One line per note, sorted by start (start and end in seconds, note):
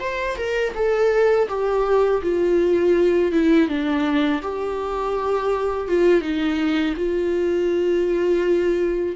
0.00 0.37 C5
0.37 0.74 A#4
0.75 1.48 A4
1.48 2.22 G4
2.23 3.32 F4
3.32 3.69 E4
3.69 4.42 D4
4.42 5.88 G4
5.88 6.21 F4
6.21 6.94 D#4
6.96 9.16 F4